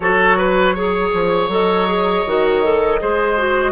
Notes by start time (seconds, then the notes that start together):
0.00 F#3 F#4 A4 C#5
0.37 B4
0.75 G#4 C#5
1.13 F3
1.48 F#3 A4 D#5
1.87 G#4
2.26 D#3 F#4
2.63 A4
3.00 G#3 G#4 C5
3.37 F#4